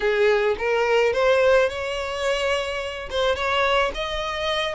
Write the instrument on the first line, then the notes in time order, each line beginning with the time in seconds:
violin
0.00 G#4
0.58 A#4
1.13 C5
1.69 C#5
3.09 C5
3.35 C#5
3.94 D#5